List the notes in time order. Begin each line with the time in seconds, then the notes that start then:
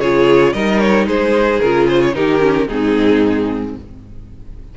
0.00 C#3 F4 G#4 C#5
0.53 G3 D#4 A#4 D#5
0.80 C#5
1.07 G#3 G#4 C5
1.61 C#3 F4 A#4
1.90 C5
2.02 C#5
2.15 D#3 D#4 G4 A#4
2.41 C#4
2.68 G#2 C4 D#4 G#4